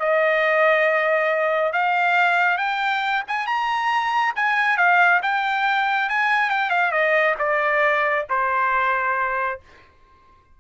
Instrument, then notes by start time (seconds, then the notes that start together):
trumpet
0.00 D#5
1.73 F5
2.58 G5
3.28 G#5
3.47 A#5
4.36 G#5
4.78 F5
5.23 G5
6.09 G#5
6.50 G5
6.70 F5
6.92 D#5
7.39 D5
8.30 C5